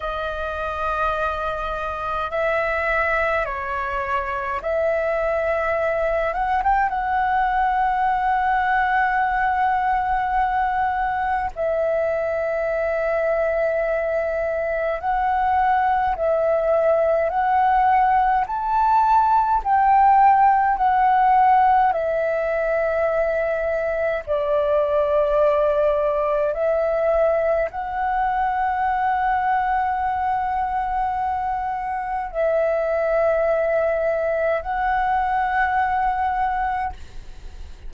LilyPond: \new Staff \with { instrumentName = "flute" } { \time 4/4 \tempo 4 = 52 dis''2 e''4 cis''4 | e''4. fis''16 g''16 fis''2~ | fis''2 e''2~ | e''4 fis''4 e''4 fis''4 |
a''4 g''4 fis''4 e''4~ | e''4 d''2 e''4 | fis''1 | e''2 fis''2 | }